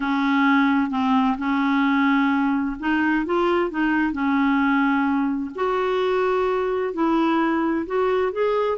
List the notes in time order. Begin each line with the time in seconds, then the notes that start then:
0.00 C#4
0.90 C4
1.37 C#4
2.79 D#4
3.25 F4
3.70 D#4
4.12 C#4
5.55 F#4
6.93 E4
7.86 F#4
8.32 G#4